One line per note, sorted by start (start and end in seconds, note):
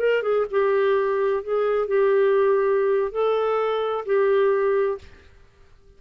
0.00 0.23 A#4
0.23 0.46 G#4
0.51 1.44 G4
1.44 1.88 G#4
1.88 3.12 G4
3.12 4.05 A4
4.06 4.99 G4